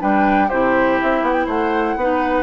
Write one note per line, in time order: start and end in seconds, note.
0.00 0.51 G3
0.00 0.49 D4
0.00 0.48 B4
0.00 0.49 G5
0.48 1.01 C3
0.48 1.99 E4
0.48 1.46 G4
0.48 0.99 C5
1.02 1.22 C4
1.02 1.25 E5
1.22 1.47 B3
1.22 1.34 F#5
1.34 1.46 G5
1.46 1.96 A3
1.46 1.95 C5
1.46 2.43 F#5
1.96 2.43 B3
1.96 2.43 D#4
1.96 2.43 B4